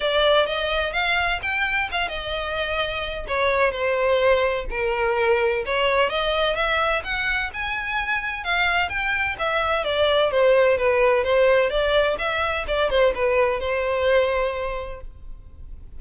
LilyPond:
\new Staff \with { instrumentName = "violin" } { \time 4/4 \tempo 4 = 128 d''4 dis''4 f''4 g''4 | f''8 dis''2~ dis''8 cis''4 | c''2 ais'2 | cis''4 dis''4 e''4 fis''4 |
gis''2 f''4 g''4 | e''4 d''4 c''4 b'4 | c''4 d''4 e''4 d''8 c''8 | b'4 c''2. | }